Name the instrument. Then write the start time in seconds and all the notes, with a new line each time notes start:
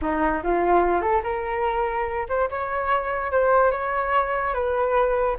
flute
0.01 D#4
0.43 F4
1.01 A4
1.23 A#4
2.29 C5
2.50 C#5
3.31 C5
3.71 C#5
4.54 B4